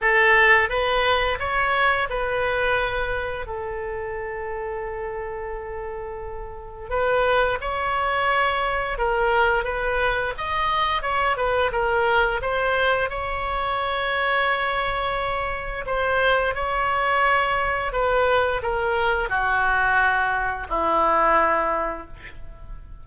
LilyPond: \new Staff \with { instrumentName = "oboe" } { \time 4/4 \tempo 4 = 87 a'4 b'4 cis''4 b'4~ | b'4 a'2.~ | a'2 b'4 cis''4~ | cis''4 ais'4 b'4 dis''4 |
cis''8 b'8 ais'4 c''4 cis''4~ | cis''2. c''4 | cis''2 b'4 ais'4 | fis'2 e'2 | }